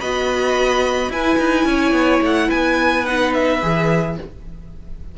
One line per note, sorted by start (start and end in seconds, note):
0.00 1.08 B3
0.00 1.12 F#4
0.00 1.11 D#5
0.00 1.11 B5
1.08 1.36 E4
1.08 3.05 E4
1.08 1.67 B4
1.08 2.22 G#5
1.38 1.65 D#4
1.65 1.92 C#4
1.65 2.48 C#5
1.92 2.19 B3
2.22 2.49 A3
2.22 2.50 F#5
2.48 3.62 B3
2.48 4.14 B4
2.48 3.05 G#5
3.05 3.61 D#4
3.05 3.33 F#5
3.33 4.16 E5
3.61 4.18 E3
3.61 4.16 G#4